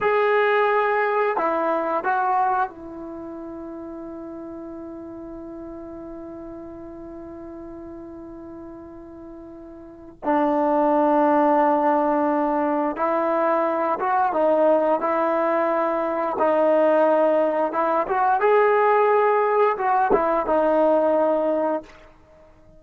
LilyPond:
\new Staff \with { instrumentName = "trombone" } { \time 4/4 \tempo 4 = 88 gis'2 e'4 fis'4 | e'1~ | e'1~ | e'2. d'4~ |
d'2. e'4~ | e'8 fis'8 dis'4 e'2 | dis'2 e'8 fis'8 gis'4~ | gis'4 fis'8 e'8 dis'2 | }